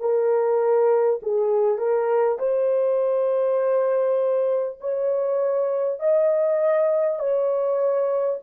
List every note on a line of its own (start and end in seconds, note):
0.00 1.20 A#4
1.22 1.78 G#4
1.78 2.38 A#4
2.38 4.78 C5
4.80 5.99 C#5
5.99 7.19 D#5
7.19 8.39 C#5